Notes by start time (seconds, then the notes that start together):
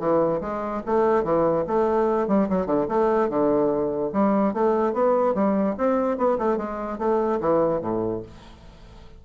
0.00 E3
0.41 G#3
0.86 A3
1.24 E3
1.68 A3
2.28 G3
2.50 F#3
2.67 D3
2.89 A3
3.30 D3
4.13 G3
4.54 A3
4.94 B3
5.35 G3
5.78 C4
6.18 B3
6.39 A3
6.58 G#3
6.99 A3
7.41 E3
7.82 A2